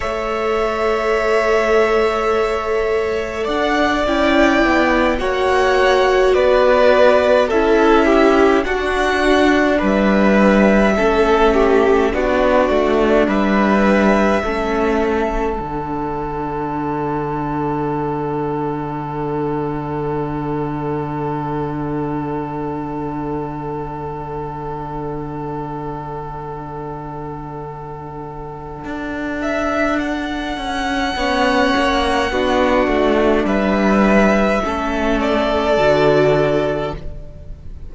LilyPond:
<<
  \new Staff \with { instrumentName = "violin" } { \time 4/4 \tempo 4 = 52 e''2. fis''8 g''8~ | g''8 fis''4 d''4 e''4 fis''8~ | fis''8 e''2 d''4 e''8~ | e''4. fis''2~ fis''8~ |
fis''1~ | fis''1~ | fis''4. e''8 fis''2~ | fis''4 e''4. d''4. | }
  \new Staff \with { instrumentName = "violin" } { \time 4/4 cis''2. d''4~ | d''8 cis''4 b'4 a'8 g'8 fis'8~ | fis'8 b'4 a'8 g'8 fis'4 b'8~ | b'8 a'2.~ a'8~ |
a'1~ | a'1~ | a'2. cis''4 | fis'4 b'4 a'2 | }
  \new Staff \with { instrumentName = "viola" } { \time 4/4 a'2.~ a'8 e'8~ | e'8 fis'2 e'4 d'8~ | d'4. cis'4 d'4.~ | d'8 cis'4 d'2~ d'8~ |
d'1~ | d'1~ | d'2. cis'4 | d'2 cis'4 fis'4 | }
  \new Staff \with { instrumentName = "cello" } { \time 4/4 a2. d'8 cis'8 | b8 ais4 b4 cis'4 d'8~ | d'8 g4 a4 b8 a8 g8~ | g8 a4 d2~ d8~ |
d1~ | d1~ | d4 d'4. cis'8 b8 ais8 | b8 a8 g4 a4 d4 | }
>>